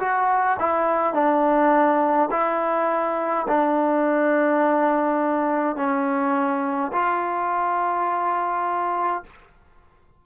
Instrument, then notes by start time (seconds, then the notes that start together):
trombone
0.00 F#4
0.60 E4
1.14 D4
2.32 E4
3.48 D4
5.76 C#4
6.93 F4